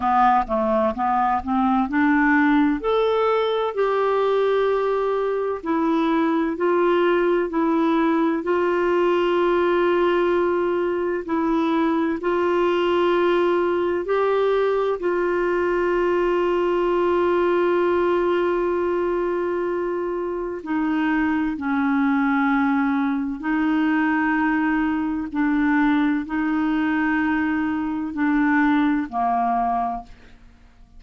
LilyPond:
\new Staff \with { instrumentName = "clarinet" } { \time 4/4 \tempo 4 = 64 b8 a8 b8 c'8 d'4 a'4 | g'2 e'4 f'4 | e'4 f'2. | e'4 f'2 g'4 |
f'1~ | f'2 dis'4 cis'4~ | cis'4 dis'2 d'4 | dis'2 d'4 ais4 | }